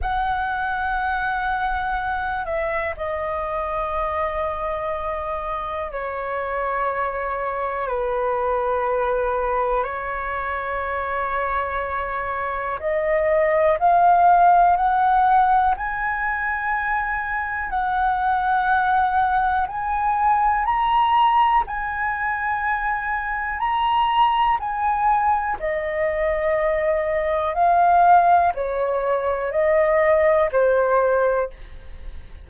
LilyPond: \new Staff \with { instrumentName = "flute" } { \time 4/4 \tempo 4 = 61 fis''2~ fis''8 e''8 dis''4~ | dis''2 cis''2 | b'2 cis''2~ | cis''4 dis''4 f''4 fis''4 |
gis''2 fis''2 | gis''4 ais''4 gis''2 | ais''4 gis''4 dis''2 | f''4 cis''4 dis''4 c''4 | }